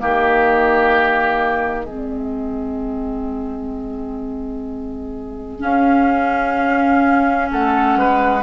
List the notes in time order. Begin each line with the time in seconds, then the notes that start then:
0.00 D#3 A#3 G4 D#5
1.86 G#3 C4 G#4
5.60 C#4 F5
7.52 A3 A4 F#5
7.96 G#3 B4